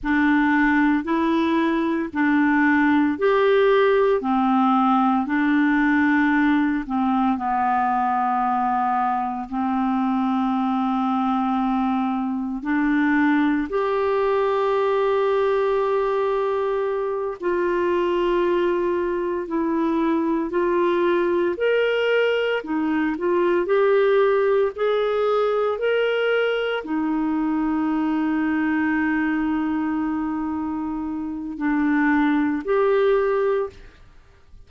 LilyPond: \new Staff \with { instrumentName = "clarinet" } { \time 4/4 \tempo 4 = 57 d'4 e'4 d'4 g'4 | c'4 d'4. c'8 b4~ | b4 c'2. | d'4 g'2.~ |
g'8 f'2 e'4 f'8~ | f'8 ais'4 dis'8 f'8 g'4 gis'8~ | gis'8 ais'4 dis'2~ dis'8~ | dis'2 d'4 g'4 | }